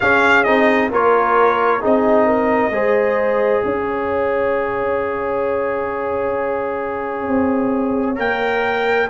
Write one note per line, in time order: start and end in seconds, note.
0.00 0.46 C#4
0.00 0.47 C#4
0.00 0.91 G#4
0.00 0.43 F5
0.43 0.91 C4
0.43 0.91 D#4
0.43 0.89 D#5
0.91 1.82 A#3
0.91 1.80 F4
0.91 1.80 A#4
0.91 1.84 C#5
1.80 2.70 C4
1.80 2.71 D#4
1.80 2.25 G#4
1.80 3.65 D#5
2.25 2.71 A#4
2.70 3.60 G#3
2.70 8.15 G#4
2.70 3.64 C5
3.64 7.27 C#4
3.64 9.09 C#5
3.64 8.18 F5
7.27 8.17 C4
8.15 9.08 A#3
8.15 9.06 A#4
8.15 9.09 G5